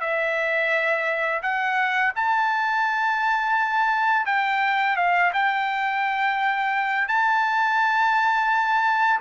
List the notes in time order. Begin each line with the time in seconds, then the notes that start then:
0.00 E5
1.42 F#5
2.15 A5
4.26 G5
4.96 F5
5.33 G5
7.08 A5